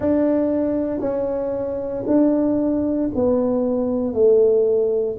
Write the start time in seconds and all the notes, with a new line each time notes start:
0.00 D4
1.00 C#4
2.06 D4
3.15 B3
4.13 A3